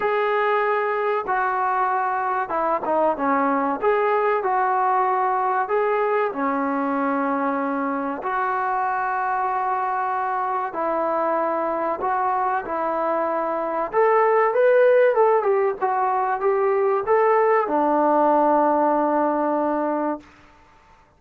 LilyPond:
\new Staff \with { instrumentName = "trombone" } { \time 4/4 \tempo 4 = 95 gis'2 fis'2 | e'8 dis'8 cis'4 gis'4 fis'4~ | fis'4 gis'4 cis'2~ | cis'4 fis'2.~ |
fis'4 e'2 fis'4 | e'2 a'4 b'4 | a'8 g'8 fis'4 g'4 a'4 | d'1 | }